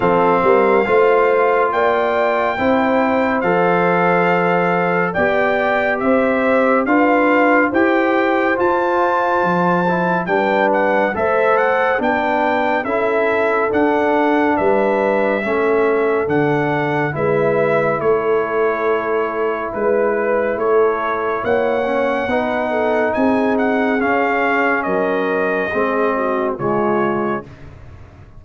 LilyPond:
<<
  \new Staff \with { instrumentName = "trumpet" } { \time 4/4 \tempo 4 = 70 f''2 g''2 | f''2 g''4 e''4 | f''4 g''4 a''2 | g''8 fis''8 e''8 fis''8 g''4 e''4 |
fis''4 e''2 fis''4 | e''4 cis''2 b'4 | cis''4 fis''2 gis''8 fis''8 | f''4 dis''2 cis''4 | }
  \new Staff \with { instrumentName = "horn" } { \time 4/4 a'8 ais'8 c''4 d''4 c''4~ | c''2 d''4 c''4 | b'4 c''2. | b'4 c''4 b'4 a'4~ |
a'4 b'4 a'2 | b'4 a'2 b'4 | a'4 cis''4 b'8 a'8 gis'4~ | gis'4 ais'4 gis'8 fis'8 f'4 | }
  \new Staff \with { instrumentName = "trombone" } { \time 4/4 c'4 f'2 e'4 | a'2 g'2 | f'4 g'4 f'4. e'8 | d'4 a'4 d'4 e'4 |
d'2 cis'4 d'4 | e'1~ | e'4. cis'8 dis'2 | cis'2 c'4 gis4 | }
  \new Staff \with { instrumentName = "tuba" } { \time 4/4 f8 g8 a4 ais4 c'4 | f2 b4 c'4 | d'4 e'4 f'4 f4 | g4 a4 b4 cis'4 |
d'4 g4 a4 d4 | gis4 a2 gis4 | a4 ais4 b4 c'4 | cis'4 fis4 gis4 cis4 | }
>>